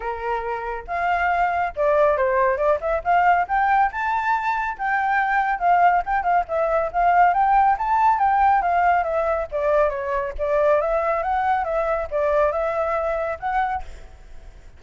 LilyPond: \new Staff \with { instrumentName = "flute" } { \time 4/4 \tempo 4 = 139 ais'2 f''2 | d''4 c''4 d''8 e''8 f''4 | g''4 a''2 g''4~ | g''4 f''4 g''8 f''8 e''4 |
f''4 g''4 a''4 g''4 | f''4 e''4 d''4 cis''4 | d''4 e''4 fis''4 e''4 | d''4 e''2 fis''4 | }